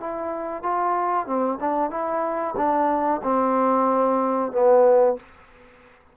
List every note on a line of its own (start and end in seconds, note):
0.00 0.62 E4
0.62 1.26 F4
1.26 1.58 C4
1.60 1.90 D4
1.90 2.55 E4
2.57 3.21 D4
3.23 4.52 C4
4.52 5.16 B3